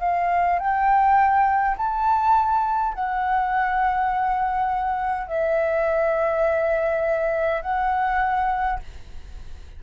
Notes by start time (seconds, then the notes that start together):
0.00 F5
0.59 G5
1.77 A5
2.94 F#5
5.28 E5
7.62 F#5